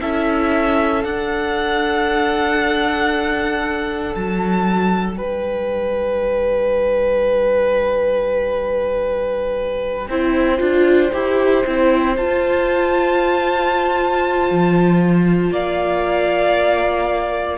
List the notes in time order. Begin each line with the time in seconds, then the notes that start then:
0.00 C#4 E4 A4 E5
1.03 D4 F#5
4.15 F#3 A5
5.15 G3 B4 G5
10.07 C4 E4 C5
10.58 D4 F4
11.13 E4 G4
11.65 C4 E4
12.16 F4 A5
14.50 F3
15.50 A#3 D5 F5